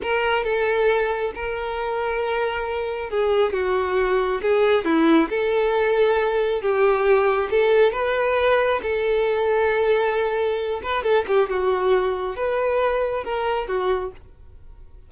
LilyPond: \new Staff \with { instrumentName = "violin" } { \time 4/4 \tempo 4 = 136 ais'4 a'2 ais'4~ | ais'2. gis'4 | fis'2 gis'4 e'4 | a'2. g'4~ |
g'4 a'4 b'2 | a'1~ | a'8 b'8 a'8 g'8 fis'2 | b'2 ais'4 fis'4 | }